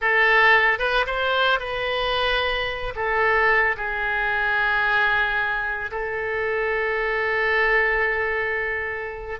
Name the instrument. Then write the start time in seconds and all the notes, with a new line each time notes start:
oboe
0.01 A4
0.79 B4
1.06 C5
1.59 B4
2.95 A4
3.76 G#4
5.91 A4